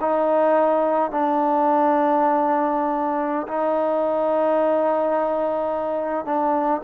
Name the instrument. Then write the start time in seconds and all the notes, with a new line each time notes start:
trombone
0.00 D#4
1.10 D4
3.47 D#4
6.25 D4